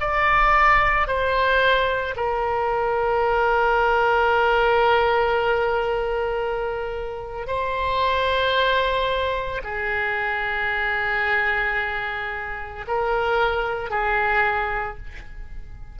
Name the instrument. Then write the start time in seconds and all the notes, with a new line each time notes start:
oboe
0.00 D5
1.08 C5
2.16 A#4
7.47 C5
9.64 G#4
12.87 A#4
13.90 G#4